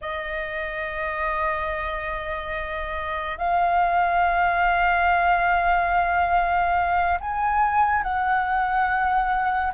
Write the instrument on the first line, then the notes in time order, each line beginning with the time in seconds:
flute
0.01 D#5
3.38 F5
7.20 G#5
8.02 F#5